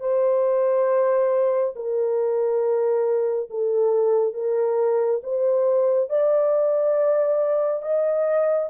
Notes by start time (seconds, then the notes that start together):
0.00 C5
1.75 A#4
3.50 A4
4.34 A#4
5.23 C5
6.09 D5
7.82 D#5